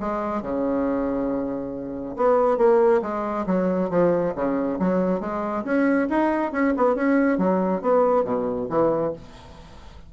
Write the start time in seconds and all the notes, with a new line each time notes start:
0.00 G#3
0.42 C#3
2.17 B3
2.58 A#3
3.02 G#3
3.47 F#3
3.90 F3
4.35 C#3
4.79 F#3
5.21 G#3
5.64 C#4
6.10 D#4
6.52 C#4
6.77 B3
6.96 C#4
7.38 F#3
7.82 B3
8.25 B2
8.70 E3